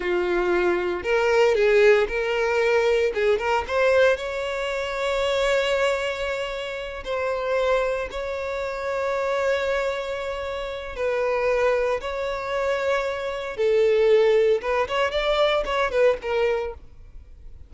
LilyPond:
\new Staff \with { instrumentName = "violin" } { \time 4/4 \tempo 4 = 115 f'2 ais'4 gis'4 | ais'2 gis'8 ais'8 c''4 | cis''1~ | cis''4. c''2 cis''8~ |
cis''1~ | cis''4 b'2 cis''4~ | cis''2 a'2 | b'8 cis''8 d''4 cis''8 b'8 ais'4 | }